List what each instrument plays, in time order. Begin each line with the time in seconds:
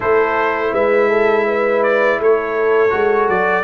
0.00 tuba A3, trombone E4, horn A4, trumpet C5
0.72 tuba G#3, horn B4, trumpet E5
1.09 horn A4
1.47 horn B4
1.83 trumpet D5
2.19 tuba A3, horn A4, trumpet C#5
2.90 tuba G#3, trombone F#4
3.28 tuba F#3, trumpet D5